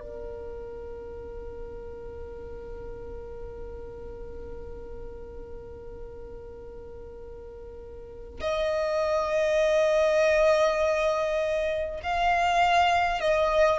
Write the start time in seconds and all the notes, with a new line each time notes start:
0.00 A#4
8.41 D#5
12.03 F5
13.21 D#5